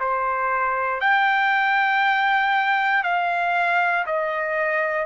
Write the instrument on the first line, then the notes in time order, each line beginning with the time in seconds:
trumpet
0.00 C5
1.01 G5
3.04 F5
4.06 D#5